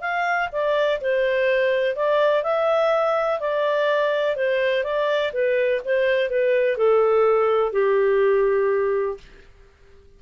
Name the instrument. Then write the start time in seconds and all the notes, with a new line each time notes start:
clarinet
0.00 F5
0.52 D5
1.00 C5
1.95 D5
2.43 E5
3.40 D5
4.35 C5
4.83 D5
5.32 B4
5.85 C5
6.29 B4
6.77 A4
7.72 G4